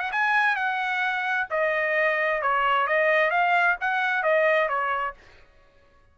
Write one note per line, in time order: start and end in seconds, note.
0.00 0.11 F#5
0.12 0.56 G#5
0.56 1.48 F#5
1.51 2.42 D#5
2.42 2.88 C#5
2.88 3.31 D#5
3.31 3.77 F5
3.81 4.23 F#5
4.23 4.69 D#5
4.69 5.15 C#5